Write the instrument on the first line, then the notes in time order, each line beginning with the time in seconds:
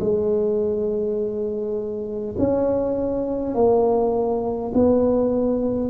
tuba
0.00 G#3
2.37 C#4
3.55 A#3
4.74 B3